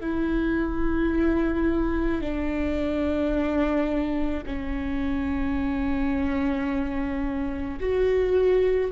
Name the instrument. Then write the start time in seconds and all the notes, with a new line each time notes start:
viola
0.00 E4
2.21 D4
4.46 C#4
7.80 F#4